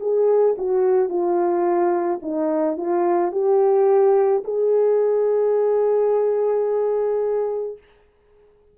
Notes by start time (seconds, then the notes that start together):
0.00 G#4
0.58 F#4
1.09 F4
2.22 D#4
2.77 F4
3.32 G4
4.44 G#4